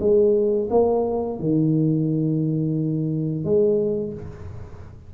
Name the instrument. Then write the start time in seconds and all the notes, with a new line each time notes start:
tuba
0.00 G#3
0.71 A#3
1.39 D#3
3.45 G#3